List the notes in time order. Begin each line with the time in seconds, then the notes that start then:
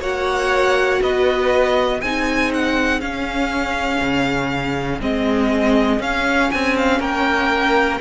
0.00 A#3 F#4 C#5 F#5
1.01 B3 B4 D#5
2.01 C4 D#4 G#4 G#5
2.54 F#5
3.01 C#4 F5
4.01 C#3
5.00 G#3 C4 D#5
5.99 C#4 F5
6.51 C4 G#5
6.77 F5
7.00 A#3 A#4 G5